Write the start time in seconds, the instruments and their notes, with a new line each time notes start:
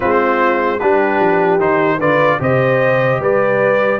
0.00 tuba G#3, trombone C4, horn F4, trumpet C5
0.79 tuba G3, trombone D4, horn G4, trumpet B4
1.20 tuba F3
1.59 tuba D#3, trombone D#4, trumpet C5
1.98 tuba D3, trombone F4, horn B4, trumpet D5
2.39 tuba C3, trombone G4, horn C5, trumpet D#5
3.19 tuba G3, horn B4, trumpet D5